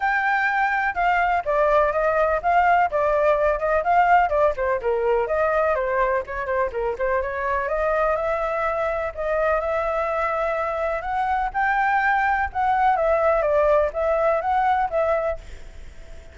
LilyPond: \new Staff \with { instrumentName = "flute" } { \time 4/4 \tempo 4 = 125 g''2 f''4 d''4 | dis''4 f''4 d''4. dis''8 | f''4 d''8 c''8 ais'4 dis''4 | c''4 cis''8 c''8 ais'8 c''8 cis''4 |
dis''4 e''2 dis''4 | e''2. fis''4 | g''2 fis''4 e''4 | d''4 e''4 fis''4 e''4 | }